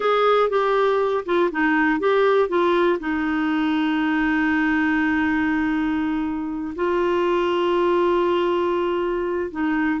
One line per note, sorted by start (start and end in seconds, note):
0.00 0.49 G#4
0.49 1.24 G4
1.25 1.50 F4
1.51 1.99 D#4
1.99 2.48 G4
2.48 2.98 F4
2.99 6.74 D#4
6.75 9.50 F4
9.51 10.00 D#4